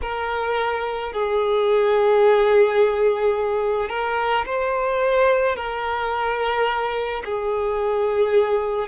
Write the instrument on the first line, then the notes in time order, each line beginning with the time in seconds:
violin
0.01 A#4
1.12 G#4
3.89 A#4
4.45 C5
5.56 A#4
7.24 G#4